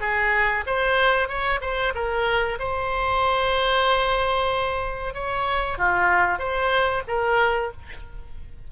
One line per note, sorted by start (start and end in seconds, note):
0.00 0.64 G#4
0.66 1.28 C5
1.28 1.60 C#5
1.61 1.93 C5
1.94 2.58 A#4
2.59 5.14 C5
5.14 5.78 C#5
5.78 6.38 F4
6.38 7.02 C5
7.07 7.71 A#4